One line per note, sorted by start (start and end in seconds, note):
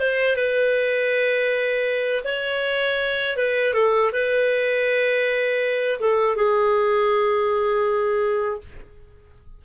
0.00 0.36 C5
0.36 2.24 B4
2.25 3.38 C#5
3.38 3.74 B4
3.74 4.11 A4
4.13 6.00 B4
6.00 6.36 A4
6.36 8.61 G#4